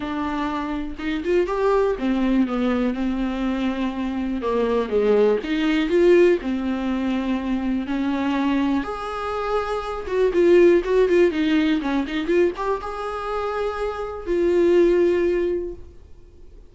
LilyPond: \new Staff \with { instrumentName = "viola" } { \time 4/4 \tempo 4 = 122 d'2 dis'8 f'8 g'4 | c'4 b4 c'2~ | c'4 ais4 gis4 dis'4 | f'4 c'2. |
cis'2 gis'2~ | gis'8 fis'8 f'4 fis'8 f'8 dis'4 | cis'8 dis'8 f'8 g'8 gis'2~ | gis'4 f'2. | }